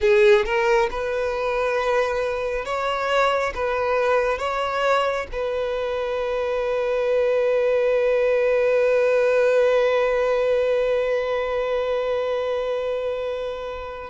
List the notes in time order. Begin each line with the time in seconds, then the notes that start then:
0.00 G#4
0.45 A#4
0.91 B4
2.65 C#5
3.54 B4
4.38 C#5
5.32 B4